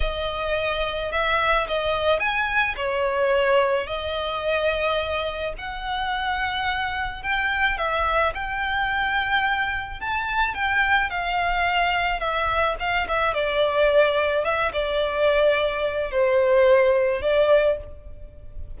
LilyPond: \new Staff \with { instrumentName = "violin" } { \time 4/4 \tempo 4 = 108 dis''2 e''4 dis''4 | gis''4 cis''2 dis''4~ | dis''2 fis''2~ | fis''4 g''4 e''4 g''4~ |
g''2 a''4 g''4 | f''2 e''4 f''8 e''8 | d''2 e''8 d''4.~ | d''4 c''2 d''4 | }